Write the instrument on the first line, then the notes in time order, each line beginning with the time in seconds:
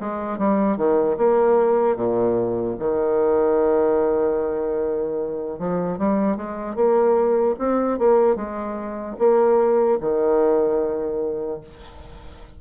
bassoon
0.00 G#3
0.39 G3
0.77 D#3
1.18 A#3
1.97 A#2
2.80 D#3
5.60 F3
5.99 G3
6.37 G#3
6.76 A#3
7.59 C4
7.99 A#3
8.36 G#3
9.19 A#3
10.01 D#3